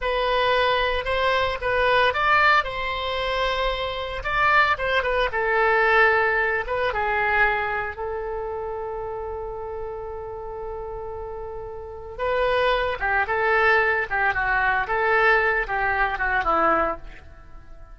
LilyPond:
\new Staff \with { instrumentName = "oboe" } { \time 4/4 \tempo 4 = 113 b'2 c''4 b'4 | d''4 c''2. | d''4 c''8 b'8 a'2~ | a'8 b'8 gis'2 a'4~ |
a'1~ | a'2. b'4~ | b'8 g'8 a'4. g'8 fis'4 | a'4. g'4 fis'8 e'4 | }